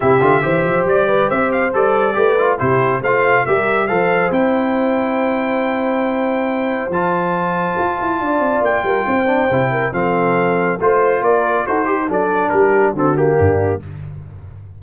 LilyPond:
<<
  \new Staff \with { instrumentName = "trumpet" } { \time 4/4 \tempo 4 = 139 e''2 d''4 e''8 f''8 | d''2 c''4 f''4 | e''4 f''4 g''2~ | g''1 |
a''1 | g''2. f''4~ | f''4 c''4 d''4 c''4 | d''4 ais'4 a'8 g'4. | }
  \new Staff \with { instrumentName = "horn" } { \time 4/4 g'4 c''4. b'8 c''4~ | c''4 b'4 g'4 c''4 | ais'4 c''2.~ | c''1~ |
c''2. d''4~ | d''8 ais'8 c''4. ais'8 a'4~ | a'4 c''4 ais'4 a'8 g'8 | a'4 g'4 fis'4 d'4 | }
  \new Staff \with { instrumentName = "trombone" } { \time 4/4 e'8 f'8 g'2. | a'4 g'8 f'8 e'4 f'4 | g'4 a'4 e'2~ | e'1 |
f'1~ | f'4. d'8 e'4 c'4~ | c'4 f'2 fis'8 g'8 | d'2 c'8 ais4. | }
  \new Staff \with { instrumentName = "tuba" } { \time 4/4 c8 d8 e8 f8 g4 c'4 | g4 a4 c4 a4 | g4 f4 c'2~ | c'1 |
f2 f'8 e'8 d'8 c'8 | ais8 g8 c'4 c4 f4~ | f4 a4 ais4 dis'4 | fis4 g4 d4 g,4 | }
>>